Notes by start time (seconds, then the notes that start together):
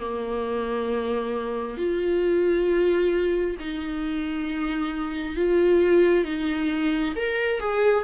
0.00 A#3
1.78 F4
3.60 D#4
5.36 F4
6.25 D#4
7.16 A#4
7.60 G#4